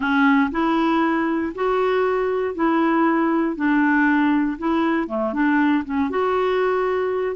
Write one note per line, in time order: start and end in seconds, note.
0.00 0.50 C#4
0.51 1.53 E4
1.54 2.54 F#4
2.54 3.56 E4
3.56 4.57 D4
4.58 5.07 E4
5.07 5.33 A3
5.33 5.84 D4
5.85 6.10 C#4
6.10 7.36 F#4